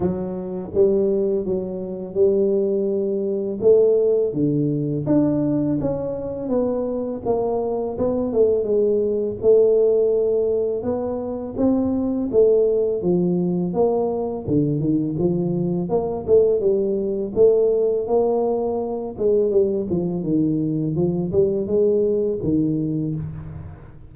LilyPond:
\new Staff \with { instrumentName = "tuba" } { \time 4/4 \tempo 4 = 83 fis4 g4 fis4 g4~ | g4 a4 d4 d'4 | cis'4 b4 ais4 b8 a8 | gis4 a2 b4 |
c'4 a4 f4 ais4 | d8 dis8 f4 ais8 a8 g4 | a4 ais4. gis8 g8 f8 | dis4 f8 g8 gis4 dis4 | }